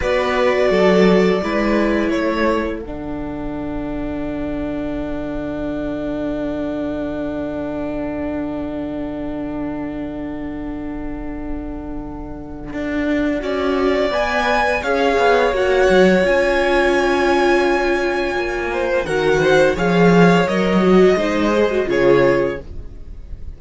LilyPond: <<
  \new Staff \with { instrumentName = "violin" } { \time 4/4 \tempo 4 = 85 d''2. cis''4 | fis''1~ | fis''1~ | fis''1~ |
fis''1 | gis''4 f''4 fis''4 gis''4~ | gis''2. fis''4 | f''4 dis''2 cis''4 | }
  \new Staff \with { instrumentName = "violin" } { \time 4/4 b'4 a'4 b'4 a'4~ | a'1~ | a'1~ | a'1~ |
a'2. d''4~ | d''4 cis''2.~ | cis''2~ cis''8 c''8 ais'8 c''8 | cis''2 c''4 gis'4 | }
  \new Staff \with { instrumentName = "viola" } { \time 4/4 fis'2 e'2 | d'1~ | d'1~ | d'1~ |
d'2. fis'4 | b'4 gis'4 fis'4 f'4~ | f'2. fis'4 | gis'4 ais'8 fis'8 dis'8 gis'16 fis'16 f'4 | }
  \new Staff \with { instrumentName = "cello" } { \time 4/4 b4 fis4 gis4 a4 | d1~ | d1~ | d1~ |
d2 d'4 cis'4 | b4 cis'8 b8 ais8 fis8 cis'4~ | cis'2 ais4 dis4 | f4 fis4 gis4 cis4 | }
>>